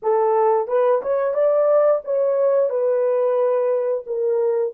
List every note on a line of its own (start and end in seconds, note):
0.02 0.67 A4
0.67 1.01 B4
1.01 1.34 C#5
1.34 2.01 D5
2.04 2.69 C#5
2.69 4.04 B4
4.06 4.73 A#4